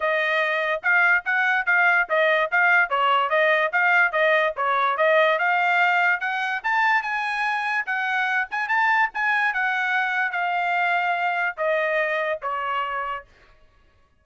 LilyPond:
\new Staff \with { instrumentName = "trumpet" } { \time 4/4 \tempo 4 = 145 dis''2 f''4 fis''4 | f''4 dis''4 f''4 cis''4 | dis''4 f''4 dis''4 cis''4 | dis''4 f''2 fis''4 |
a''4 gis''2 fis''4~ | fis''8 gis''8 a''4 gis''4 fis''4~ | fis''4 f''2. | dis''2 cis''2 | }